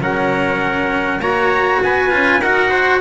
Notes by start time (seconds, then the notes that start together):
0.00 F#3 C#4 A#4 F#5
1.19 A#3 F#4 C#5 A#5
1.83 B3 B4 G#5
2.11 C#4 F4
2.41 D#4 F#4 A#4 F#5
2.70 C5